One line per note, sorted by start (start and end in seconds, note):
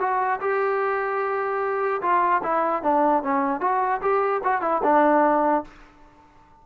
0.00 0.40 F#4
0.41 2.02 G4
2.02 2.42 F4
2.43 2.83 E4
2.83 3.23 D4
3.23 3.61 C#4
3.61 4.01 F#4
4.02 4.42 G4
4.44 4.62 F#4
4.62 4.82 E4
4.84 5.64 D4